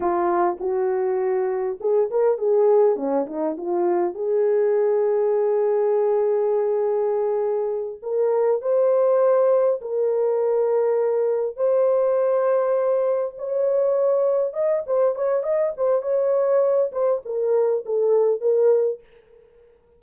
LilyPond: \new Staff \with { instrumentName = "horn" } { \time 4/4 \tempo 4 = 101 f'4 fis'2 gis'8 ais'8 | gis'4 cis'8 dis'8 f'4 gis'4~ | gis'1~ | gis'4. ais'4 c''4.~ |
c''8 ais'2. c''8~ | c''2~ c''8 cis''4.~ | cis''8 dis''8 c''8 cis''8 dis''8 c''8 cis''4~ | cis''8 c''8 ais'4 a'4 ais'4 | }